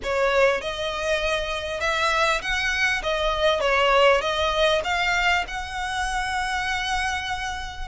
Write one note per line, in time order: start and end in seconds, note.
0.03 0.61 C#5
0.61 1.80 D#5
1.80 2.41 E5
2.41 3.02 F#5
3.02 3.60 D#5
3.60 4.21 C#5
4.21 4.81 D#5
4.84 5.44 F5
5.47 7.88 F#5